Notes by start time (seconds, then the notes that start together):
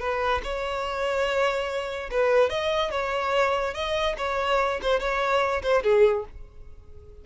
0.00 B4
0.44 C#5
2.11 B4
2.50 D#5
2.91 C#5
3.74 D#5
4.18 C#5
4.82 C5
5.00 C#5
5.63 C5
5.84 G#4